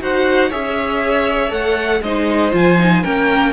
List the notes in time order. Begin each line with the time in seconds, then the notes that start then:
0.00 D#4 F#4 C5 F#5
0.49 C#4 G#4 C#5 E5
1.49 A3 A4 F#5
2.01 G#3 D#4 C5 D#5
2.51 F3 F4 G#5
2.78 D#4
3.03 A#3 C#4 A#4 G5